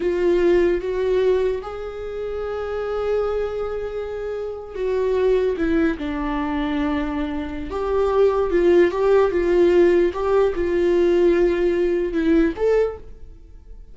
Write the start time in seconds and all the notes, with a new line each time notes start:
0.00 F4
0.80 F#4
1.62 G#4
4.75 F#4
5.57 E4
5.98 D4
7.70 G4
8.50 F4
8.91 G4
9.31 F4
10.13 G4
10.54 F4
12.12 E4
12.56 A4